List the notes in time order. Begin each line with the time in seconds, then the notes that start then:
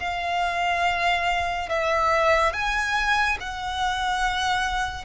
0.00 F5
1.69 E5
2.54 G#5
3.41 F#5